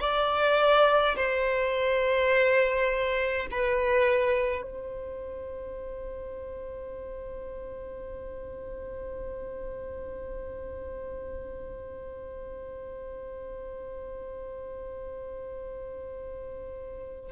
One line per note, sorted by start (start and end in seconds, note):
0.00 1.15 D5
1.16 3.47 C5
3.51 4.62 B4
4.62 17.31 C5